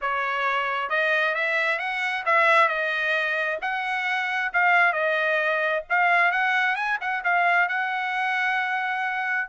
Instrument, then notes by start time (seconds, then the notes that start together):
trumpet
0.01 C#5
0.89 D#5
1.35 E5
1.79 F#5
2.25 E5
2.68 D#5
3.61 F#5
4.53 F5
4.93 D#5
5.89 F5
6.31 F#5
6.75 G#5
7.00 F#5
7.24 F5
7.68 F#5